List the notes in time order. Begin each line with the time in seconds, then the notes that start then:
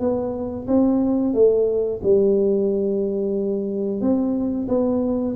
0.00 B3
0.68 C4
1.34 A3
2.03 G3
4.01 C4
4.68 B3